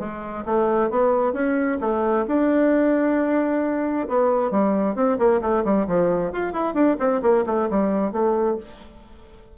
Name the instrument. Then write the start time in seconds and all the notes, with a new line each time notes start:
bassoon
0.00 G#3
0.46 A3
0.91 B3
1.34 C#4
1.81 A3
2.28 D4
4.09 B3
4.52 G3
4.96 C4
5.19 A#3
5.42 A3
5.65 G3
5.88 F3
6.33 F4
6.54 E4
6.75 D4
7.00 C4
7.23 A#3
7.47 A3
7.71 G3
8.13 A3